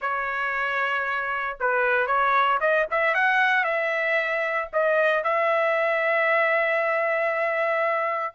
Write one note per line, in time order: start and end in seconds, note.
0.01 1.57 C#5
1.60 2.06 B4
2.06 2.58 C#5
2.60 2.86 D#5
2.90 3.14 E5
3.14 3.64 F#5
3.64 4.68 E5
4.72 5.23 D#5
5.23 8.35 E5